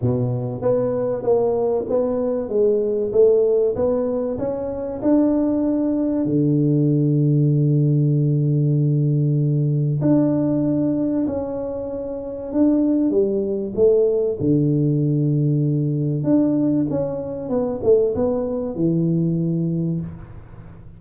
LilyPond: \new Staff \with { instrumentName = "tuba" } { \time 4/4 \tempo 4 = 96 b,4 b4 ais4 b4 | gis4 a4 b4 cis'4 | d'2 d2~ | d1 |
d'2 cis'2 | d'4 g4 a4 d4~ | d2 d'4 cis'4 | b8 a8 b4 e2 | }